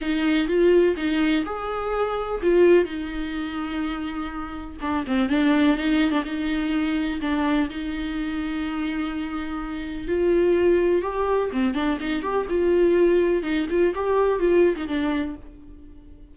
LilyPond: \new Staff \with { instrumentName = "viola" } { \time 4/4 \tempo 4 = 125 dis'4 f'4 dis'4 gis'4~ | gis'4 f'4 dis'2~ | dis'2 d'8 c'8 d'4 | dis'8. d'16 dis'2 d'4 |
dis'1~ | dis'4 f'2 g'4 | c'8 d'8 dis'8 g'8 f'2 | dis'8 f'8 g'4 f'8. dis'16 d'4 | }